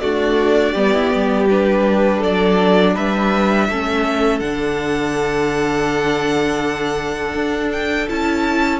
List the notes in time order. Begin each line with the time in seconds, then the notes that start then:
0.00 A3 D4 F#4 D5
0.73 G3 B3 G4
0.94 E4
1.14 G3
1.50 D4 B4
2.19 F#3 A4 D5
2.95 G3 B4 E5
3.69 A3 C#4 A4
4.40 D3 D4 F#5
7.34 D4
7.72 G5
8.09 C#4 E4 A5